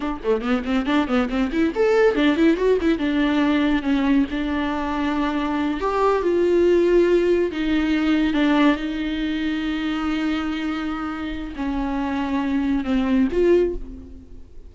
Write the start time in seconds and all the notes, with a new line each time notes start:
0.00 D4
0.23 A3
0.41 B3
0.64 C4
0.86 D4
1.07 B3
1.29 C4
1.52 E4
1.75 A4
2.15 D4
2.36 E4
2.56 F#4
2.81 E4
2.98 D4
3.82 C#4
4.31 D4
5.80 G4
6.22 F4
7.51 D#4
8.33 D4
8.76 D#4
11.56 C#4
12.84 C4
13.32 F4